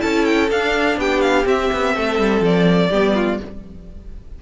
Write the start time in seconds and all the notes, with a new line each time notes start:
0.00 C#4 E4 A4 A5
0.25 G5
0.51 D4 F5
0.97 B3 G4 G5
1.21 F5
1.45 C4 E5
1.73 B3
1.95 A3 A4
2.19 G3
2.41 F3 D5
2.90 G3 B3 G4
3.16 F4